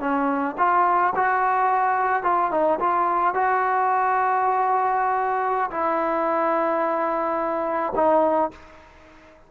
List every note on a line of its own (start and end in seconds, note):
0.00 0.56 C#4
0.58 1.14 F4
1.16 2.23 F#4
2.23 2.51 F4
2.51 2.79 D#4
2.80 3.34 F4
3.34 5.70 F#4
5.71 7.93 E4
7.95 8.51 D#4